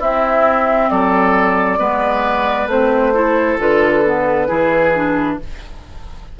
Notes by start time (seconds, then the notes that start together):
0.00 C4 E4 E5
0.90 F#3 A4 D5
1.79 G#3 B3 B4
2.67 A3 C4 C5
3.14 E4 A4
3.59 D3 F4 B4
4.06 B3
4.48 E3 E4 G#4
4.95 D4